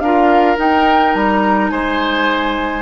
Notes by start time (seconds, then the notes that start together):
0.00 D4 F4 A#4 F5
0.57 D#4 G5
1.15 G3 A#5
1.71 G#3 C5 G#5